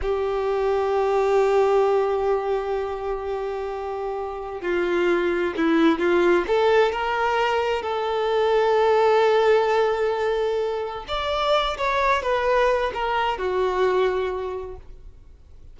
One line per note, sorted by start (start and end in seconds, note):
0.01 4.61 G4
4.61 5.53 F4
5.56 5.98 E4
5.98 6.44 F4
6.47 6.92 A4
6.92 7.82 A#4
7.82 11.05 A4
11.08 11.77 D5
11.77 12.22 C#5
12.22 12.91 B4
12.94 13.38 A#4
13.38 14.76 F#4